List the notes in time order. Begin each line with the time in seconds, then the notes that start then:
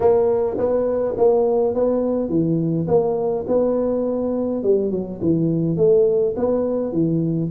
0.00 A#3
0.57 B3
1.17 A#3
1.74 B3
2.29 E3
2.87 A#3
3.47 B3
4.63 G3
4.90 F#3
5.21 E3
5.77 A3
6.36 B3
6.92 E3